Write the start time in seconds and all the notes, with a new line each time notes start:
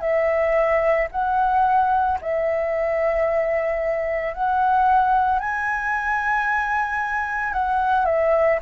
0.00 E5
1.11 F#5
2.21 E5
4.33 F#5
5.39 G#5
7.53 F#5
8.05 E5